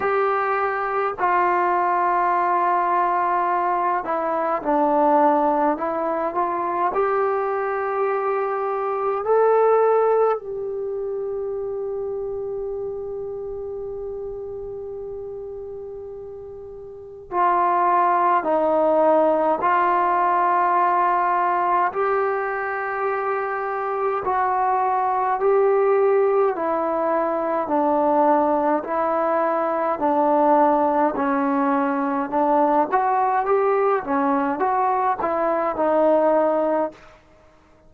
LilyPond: \new Staff \with { instrumentName = "trombone" } { \time 4/4 \tempo 4 = 52 g'4 f'2~ f'8 e'8 | d'4 e'8 f'8 g'2 | a'4 g'2.~ | g'2. f'4 |
dis'4 f'2 g'4~ | g'4 fis'4 g'4 e'4 | d'4 e'4 d'4 cis'4 | d'8 fis'8 g'8 cis'8 fis'8 e'8 dis'4 | }